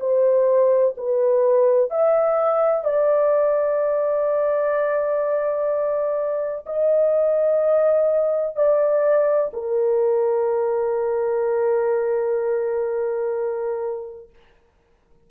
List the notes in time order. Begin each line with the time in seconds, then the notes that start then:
0.00 C5
0.97 B4
1.90 E5
2.84 D5
6.66 D#5
8.56 D5
9.53 A#4